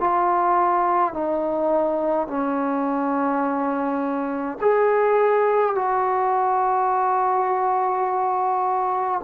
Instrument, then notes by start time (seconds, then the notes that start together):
trombone
0.00 F4
1.14 D#4
2.28 C#4
4.62 G#4
5.75 F#4